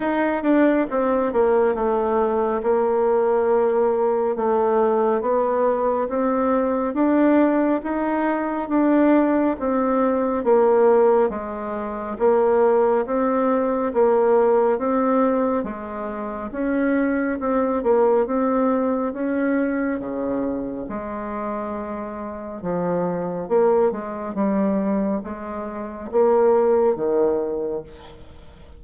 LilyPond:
\new Staff \with { instrumentName = "bassoon" } { \time 4/4 \tempo 4 = 69 dis'8 d'8 c'8 ais8 a4 ais4~ | ais4 a4 b4 c'4 | d'4 dis'4 d'4 c'4 | ais4 gis4 ais4 c'4 |
ais4 c'4 gis4 cis'4 | c'8 ais8 c'4 cis'4 cis4 | gis2 f4 ais8 gis8 | g4 gis4 ais4 dis4 | }